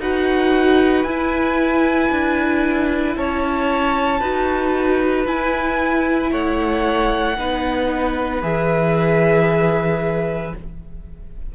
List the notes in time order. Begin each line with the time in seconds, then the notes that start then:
0.00 D#4 F#4 B4 F#5
1.04 E4 G#5
2.11 D4
3.16 C#4 C#5 A5
4.20 D#4 F#4 B4
5.26 E4 G#5
6.31 A3 C#5 F#5
7.37 B3 D#4 B4
8.42 E3 G#4 E5